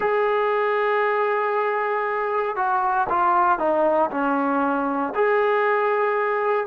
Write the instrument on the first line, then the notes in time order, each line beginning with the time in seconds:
trombone
0.00 G#4
2.55 F#4
3.09 F4
3.58 D#4
4.10 C#4
5.14 G#4